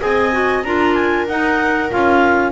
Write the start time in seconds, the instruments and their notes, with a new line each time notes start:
0.00 double bass C4, clarinet G#4 G#5, viola D#5
0.32 clarinet F#4
0.63 double bass D4, clarinet F4 A#5, viola A#4
0.95 clarinet G#5
1.28 double bass D#4, clarinet D#4 F#5
1.90 double bass C#4, clarinet F4 F5